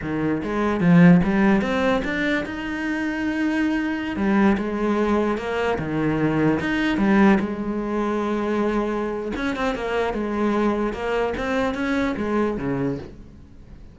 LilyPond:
\new Staff \with { instrumentName = "cello" } { \time 4/4 \tempo 4 = 148 dis4 gis4 f4 g4 | c'4 d'4 dis'2~ | dis'2~ dis'16 g4 gis8.~ | gis4~ gis16 ais4 dis4.~ dis16~ |
dis16 dis'4 g4 gis4.~ gis16~ | gis2. cis'8 c'8 | ais4 gis2 ais4 | c'4 cis'4 gis4 cis4 | }